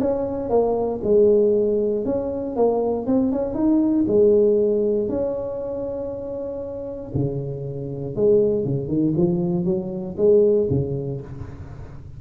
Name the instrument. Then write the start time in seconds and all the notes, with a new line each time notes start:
tuba
0.00 C#4
0.50 A#3
1.04 G#3
2.05 C#4
2.56 A#3
3.06 C4
3.32 C#4
3.55 D#4
4.08 G#3
5.09 C#4
7.15 C#3
8.16 G#3
8.64 C#3
8.88 D#3
9.17 F3
9.65 F#3
10.17 G#3
10.70 C#3